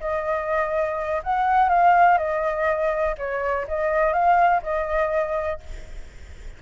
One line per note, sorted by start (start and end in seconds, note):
0.00 1.22 D#5
1.23 1.69 F#5
1.69 2.18 F5
2.18 3.15 D#5
3.18 3.66 C#5
3.68 4.13 D#5
4.13 4.61 F5
4.62 5.60 D#5